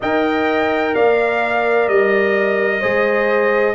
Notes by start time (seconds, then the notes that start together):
0.00 D#4 A#4 D#5 G5
0.94 A#3 D5 F5
1.88 G3 D#5
2.79 G#3 G#4 C5